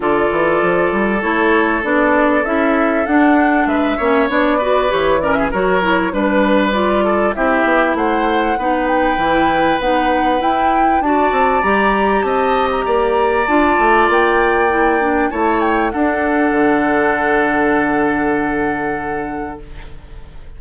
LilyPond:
<<
  \new Staff \with { instrumentName = "flute" } { \time 4/4 \tempo 4 = 98 d''2 cis''4 d''4 | e''4 fis''4 e''4 d''4 | cis''8 d''16 e''16 cis''4 b'4 d''4 | e''4 fis''4. g''4. |
fis''4 g''4 a''4 ais''4 | a''8. ais''4~ ais''16 a''4 g''4~ | g''4 a''8 g''8 fis''2~ | fis''1 | }
  \new Staff \with { instrumentName = "oboe" } { \time 4/4 a'1~ | a'2 b'8 cis''4 b'8~ | b'8 ais'16 gis'16 ais'4 b'4. a'8 | g'4 c''4 b'2~ |
b'2 d''2 | dis''4 d''2.~ | d''4 cis''4 a'2~ | a'1 | }
  \new Staff \with { instrumentName = "clarinet" } { \time 4/4 f'2 e'4 d'4 | e'4 d'4. cis'8 d'8 fis'8 | g'8 cis'8 fis'8 e'8 d'4 f'4 | e'2 dis'4 e'4 |
dis'4 e'4 fis'4 g'4~ | g'2 f'2 | e'8 d'8 e'4 d'2~ | d'1 | }
  \new Staff \with { instrumentName = "bassoon" } { \time 4/4 d8 e8 f8 g8 a4 b4 | cis'4 d'4 gis8 ais8 b4 | e4 fis4 g2 | c'8 b8 a4 b4 e4 |
b4 e'4 d'8 c'8 g4 | c'4 ais4 d'8 a8 ais4~ | ais4 a4 d'4 d4~ | d1 | }
>>